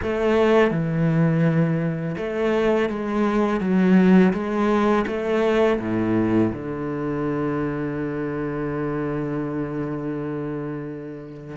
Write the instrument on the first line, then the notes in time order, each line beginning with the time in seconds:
cello
0.02 A3
0.70 E3
2.17 A3
2.89 G#3
3.60 F#3
4.33 G#3
5.06 A3
5.79 A2
6.52 D3